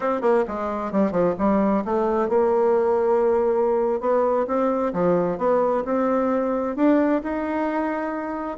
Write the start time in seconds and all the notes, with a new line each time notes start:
0.00 C4
0.21 A#3
0.47 G#3
0.91 G3
1.11 F3
1.38 G3
1.84 A3
2.29 A#3
4.00 B3
4.47 C4
4.93 F3
5.38 B3
5.84 C4
6.76 D4
7.23 D#4